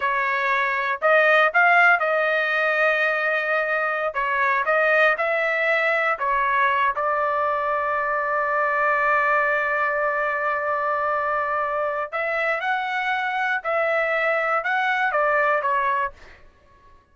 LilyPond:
\new Staff \with { instrumentName = "trumpet" } { \time 4/4 \tempo 4 = 119 cis''2 dis''4 f''4 | dis''1~ | dis''16 cis''4 dis''4 e''4.~ e''16~ | e''16 cis''4. d''2~ d''16~ |
d''1~ | d''1 | e''4 fis''2 e''4~ | e''4 fis''4 d''4 cis''4 | }